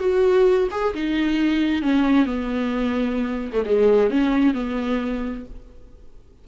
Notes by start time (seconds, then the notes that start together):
0.00 F#4
0.71 G#4
0.94 D#4
1.82 C#4
2.26 B3
3.53 A3
3.66 G#3
4.10 C#4
4.54 B3